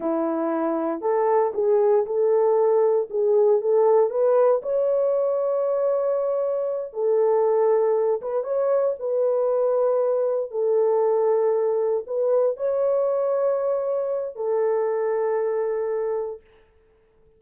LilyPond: \new Staff \with { instrumentName = "horn" } { \time 4/4 \tempo 4 = 117 e'2 a'4 gis'4 | a'2 gis'4 a'4 | b'4 cis''2.~ | cis''4. a'2~ a'8 |
b'8 cis''4 b'2~ b'8~ | b'8 a'2. b'8~ | b'8 cis''2.~ cis''8 | a'1 | }